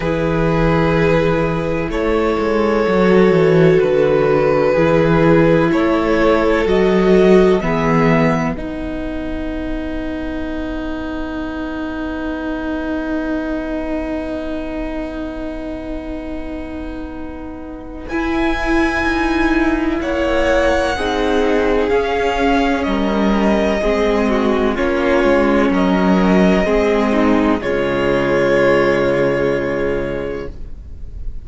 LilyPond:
<<
  \new Staff \with { instrumentName = "violin" } { \time 4/4 \tempo 4 = 63 b'2 cis''2 | b'2 cis''4 dis''4 | e''4 fis''2.~ | fis''1~ |
fis''2. gis''4~ | gis''4 fis''2 f''4 | dis''2 cis''4 dis''4~ | dis''4 cis''2. | }
  \new Staff \with { instrumentName = "violin" } { \time 4/4 gis'2 a'2~ | a'4 gis'4 a'2 | gis'8. b'2.~ b'16~ | b'1~ |
b'1~ | b'4 cis''4 gis'2 | ais'4 gis'8 fis'8 f'4 ais'4 | gis'8 dis'8 f'2. | }
  \new Staff \with { instrumentName = "viola" } { \time 4/4 e'2. fis'4~ | fis'4 e'2 fis'4 | b4 dis'2.~ | dis'1~ |
dis'2. e'4~ | e'2 dis'4 cis'4~ | cis'4 c'4 cis'2 | c'4 gis2. | }
  \new Staff \with { instrumentName = "cello" } { \time 4/4 e2 a8 gis8 fis8 e8 | d4 e4 a4 fis4 | e4 b2.~ | b1~ |
b2. e'4 | dis'4 ais4 c'4 cis'4 | g4 gis4 ais8 gis8 fis4 | gis4 cis2. | }
>>